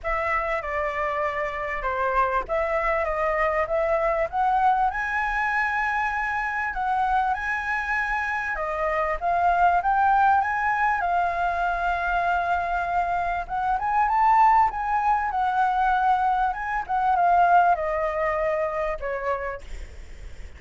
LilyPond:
\new Staff \with { instrumentName = "flute" } { \time 4/4 \tempo 4 = 98 e''4 d''2 c''4 | e''4 dis''4 e''4 fis''4 | gis''2. fis''4 | gis''2 dis''4 f''4 |
g''4 gis''4 f''2~ | f''2 fis''8 gis''8 a''4 | gis''4 fis''2 gis''8 fis''8 | f''4 dis''2 cis''4 | }